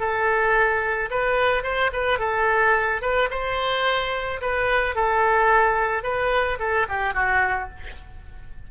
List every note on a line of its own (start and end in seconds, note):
0.00 1.10 A4
1.11 1.63 B4
1.63 1.91 C5
1.93 2.19 B4
2.19 3.02 A4
3.02 3.30 B4
3.31 4.41 C5
4.41 4.95 B4
4.95 6.04 A4
6.04 6.59 B4
6.60 6.87 A4
6.89 7.14 G4
7.14 7.69 F#4